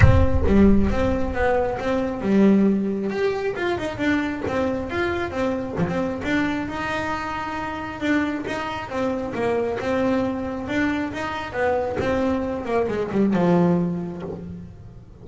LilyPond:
\new Staff \with { instrumentName = "double bass" } { \time 4/4 \tempo 4 = 135 c'4 g4 c'4 b4 | c'4 g2 g'4 | f'8 dis'8 d'4 c'4 f'4 | c'4 f16 c'8. d'4 dis'4~ |
dis'2 d'4 dis'4 | c'4 ais4 c'2 | d'4 dis'4 b4 c'4~ | c'8 ais8 gis8 g8 f2 | }